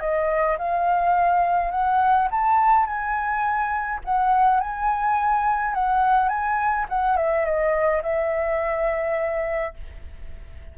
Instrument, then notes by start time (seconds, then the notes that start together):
flute
0.00 D#5
0.58 F5
1.71 F#5
2.31 A5
2.86 G#5
4.05 F#5
4.60 G#5
5.74 F#5
6.29 G#5
6.89 F#5
7.17 E5
7.45 D#5
8.03 E5